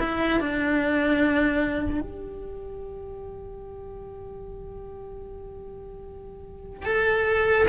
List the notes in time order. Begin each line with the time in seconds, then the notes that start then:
0.00 E4
0.40 D4
2.01 G4
6.86 A4